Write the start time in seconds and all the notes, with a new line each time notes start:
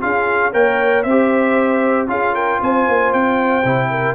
0.00 C#4 F4 G#4 F5
0.52 A#3 A#4 C#5 G5
1.03 C4 C5 E5
1.10 G4
2.07 C#4 F4 G#4 F5
2.34 A#4 G5
2.60 C4 C5 G#5
2.88 A#3
3.13 C4 G5
3.64 C3 E4
3.90 A#4